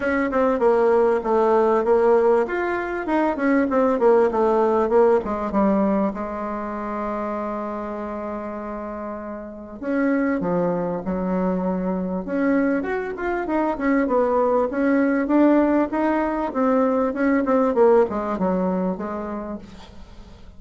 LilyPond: \new Staff \with { instrumentName = "bassoon" } { \time 4/4 \tempo 4 = 98 cis'8 c'8 ais4 a4 ais4 | f'4 dis'8 cis'8 c'8 ais8 a4 | ais8 gis8 g4 gis2~ | gis1 |
cis'4 f4 fis2 | cis'4 fis'8 f'8 dis'8 cis'8 b4 | cis'4 d'4 dis'4 c'4 | cis'8 c'8 ais8 gis8 fis4 gis4 | }